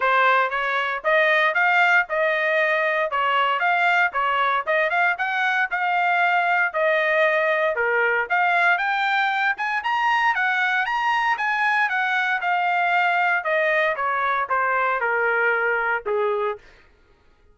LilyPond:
\new Staff \with { instrumentName = "trumpet" } { \time 4/4 \tempo 4 = 116 c''4 cis''4 dis''4 f''4 | dis''2 cis''4 f''4 | cis''4 dis''8 f''8 fis''4 f''4~ | f''4 dis''2 ais'4 |
f''4 g''4. gis''8 ais''4 | fis''4 ais''4 gis''4 fis''4 | f''2 dis''4 cis''4 | c''4 ais'2 gis'4 | }